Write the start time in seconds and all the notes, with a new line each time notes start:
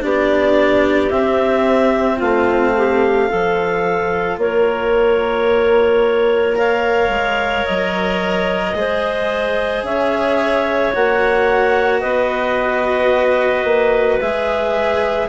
0.00 B3 D4 G4 D5
1.10 C4 E5
2.16 A3 F4 F5
2.77 G4
3.29 F3 F4 A4
4.37 A#3 A#4 C#5
6.55 A#4 C#5 F5
7.09 G#3
7.65 F#3 D#5
8.74 G#3 G#4 C5
9.82 C#4 C#5 E5
10.93 A#3 F#4 F#5
12.00 B3 B4 D#5
13.64 A#3
14.20 G#3 G#4 E5